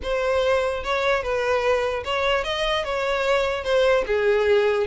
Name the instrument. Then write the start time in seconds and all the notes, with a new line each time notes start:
violin
0.02 C5
0.83 C#5
1.22 B4
2.04 C#5
2.43 D#5
2.84 C#5
3.64 C5
4.06 G#4